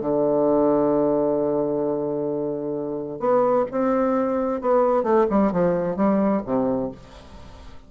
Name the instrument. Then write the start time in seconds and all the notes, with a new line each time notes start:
bassoon
0.00 D3
3.19 B3
3.71 C4
4.61 B3
5.03 A3
5.30 G3
5.52 F3
5.96 G3
6.45 C3